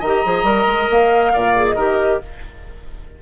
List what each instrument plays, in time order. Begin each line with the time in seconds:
0.00 bassoon D#3, clarinet G4, oboe D#5, flute A#5
0.25 bassoon F3, clarinet G#4
0.44 bassoon G3, clarinet A#4
0.67 bassoon G#3
0.90 bassoon A#3, flute F5
1.34 bassoon A#2, oboe D5
1.56 clarinet G#4
1.67 flute D#5
1.76 bassoon D#3, clarinet G4, oboe A#4